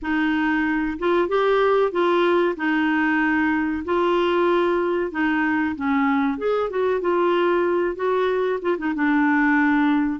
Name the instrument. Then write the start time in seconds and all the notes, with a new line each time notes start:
clarinet
0.02 D#4
0.98 F4
1.28 G4
1.91 F4
2.56 D#4
3.84 F4
5.11 D#4
5.75 C#4
6.38 G#4
6.70 F#4
7.00 F4
7.95 F#4
8.61 F4
8.78 D#4
8.94 D4